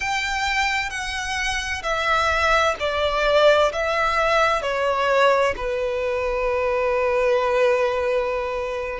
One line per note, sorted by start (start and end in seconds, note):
0.00 0.90 G5
0.90 1.82 F#5
1.83 2.75 E5
2.79 3.72 D5
3.72 4.62 E5
4.62 5.54 C#5
5.56 8.99 B4